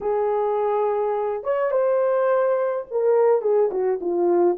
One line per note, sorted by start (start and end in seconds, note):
0.01 1.43 G#4
1.43 1.71 C#5
1.71 2.85 C5
2.90 3.41 A#4
3.41 3.70 G#4
3.71 3.99 F#4
4.00 4.57 F4